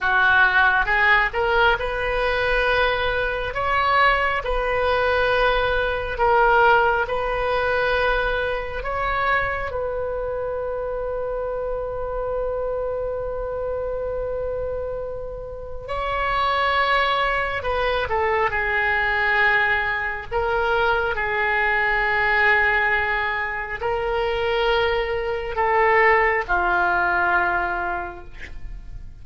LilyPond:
\new Staff \with { instrumentName = "oboe" } { \time 4/4 \tempo 4 = 68 fis'4 gis'8 ais'8 b'2 | cis''4 b'2 ais'4 | b'2 cis''4 b'4~ | b'1~ |
b'2 cis''2 | b'8 a'8 gis'2 ais'4 | gis'2. ais'4~ | ais'4 a'4 f'2 | }